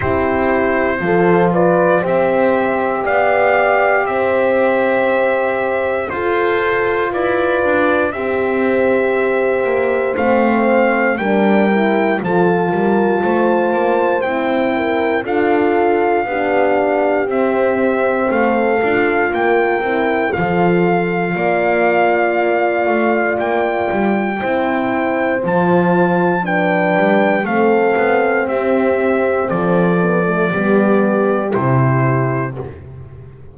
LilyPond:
<<
  \new Staff \with { instrumentName = "trumpet" } { \time 4/4 \tempo 4 = 59 c''4. d''8 e''4 f''4 | e''2 c''4 d''4 | e''2 f''4 g''4 | a''2 g''4 f''4~ |
f''4 e''4 f''4 g''4 | f''2. g''4~ | g''4 a''4 g''4 f''4 | e''4 d''2 c''4 | }
  \new Staff \with { instrumentName = "horn" } { \time 4/4 g'4 a'8 b'8 c''4 d''4 | c''2 a'4 b'4 | c''2. ais'4 | a'8 ais'8 c''4. ais'8 a'4 |
g'2 a'4 ais'4 | a'4 d''2. | c''2 b'4 a'4 | g'4 a'4 g'2 | }
  \new Staff \with { instrumentName = "horn" } { \time 4/4 e'4 f'4 g'2~ | g'2 f'2 | g'2 c'4 d'8 e'8 | f'2 e'4 f'4 |
d'4 c'4. f'4 e'8 | f'1 | e'4 f'4 d'4 c'4~ | c'4. b16 a16 b4 e'4 | }
  \new Staff \with { instrumentName = "double bass" } { \time 4/4 c'4 f4 c'4 b4 | c'2 f'4 e'8 d'8 | c'4. ais8 a4 g4 | f8 g8 a8 ais8 c'4 d'4 |
b4 c'4 a8 d'8 ais8 c'8 | f4 ais4. a8 ais8 g8 | c'4 f4. g8 a8 b8 | c'4 f4 g4 c4 | }
>>